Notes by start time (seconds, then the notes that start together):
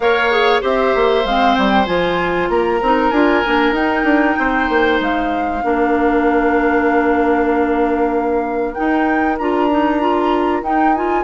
0.00 A#3 A#4 C#5 F5
0.31 G#4
0.61 C4 G4 C5 E5
0.94 A#3
1.24 G#3 C4 F5
1.54 G3 G5
1.86 F3 F4 G#5
2.49 A#3 A#4 A#5
2.81 C4 D#4
3.10 D4 F4 G#5
3.45 A#3 D4
3.71 D#4 G5
4.03 D4
4.38 C4 C5
4.69 A#3
4.99 G#3 F5
5.62 A#3 D4 A#4
8.74 D#4 G5
9.38 D4 F4 A#5
9.70 D#4
10.00 F4
10.62 D#4 G5
10.94 F4 G#5